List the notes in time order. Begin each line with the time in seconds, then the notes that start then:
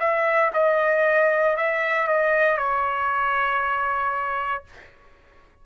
0.00 E5
0.54 D#5
1.57 E5
2.08 D#5
2.58 C#5